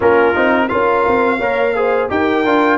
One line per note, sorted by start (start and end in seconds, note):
0.00 0.35 A#3
0.00 0.34 C#4
0.00 0.67 F4
0.00 0.68 A#4
0.35 0.71 C4
0.35 0.69 D#4
0.68 1.07 C#4
0.68 1.39 F4
0.68 1.38 A#4
0.68 2.08 F5
1.07 1.39 C4
1.38 2.08 A#3
1.38 1.75 A#4
1.38 1.73 C#5
1.75 2.09 G#4
1.75 2.11 C5
2.09 2.45 D#4
2.09 2.44 G4
2.09 2.78 A#4
2.09 2.78 G5
2.45 2.78 D4
2.45 2.78 F4